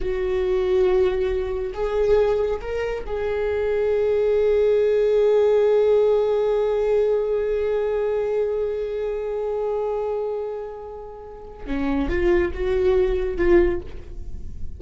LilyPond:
\new Staff \with { instrumentName = "viola" } { \time 4/4 \tempo 4 = 139 fis'1 | gis'2 ais'4 gis'4~ | gis'1~ | gis'1~ |
gis'1~ | gis'1~ | gis'2. cis'4 | f'4 fis'2 f'4 | }